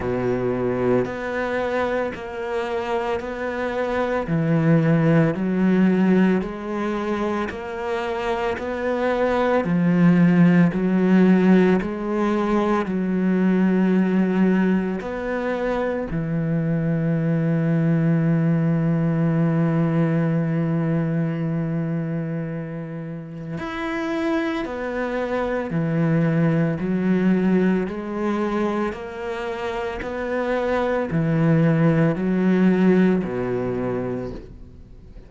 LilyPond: \new Staff \with { instrumentName = "cello" } { \time 4/4 \tempo 4 = 56 b,4 b4 ais4 b4 | e4 fis4 gis4 ais4 | b4 f4 fis4 gis4 | fis2 b4 e4~ |
e1~ | e2 e'4 b4 | e4 fis4 gis4 ais4 | b4 e4 fis4 b,4 | }